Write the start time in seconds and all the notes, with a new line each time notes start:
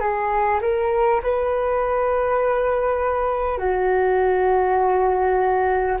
0.00 G#4
0.61 A#4
1.23 B4
3.58 F#4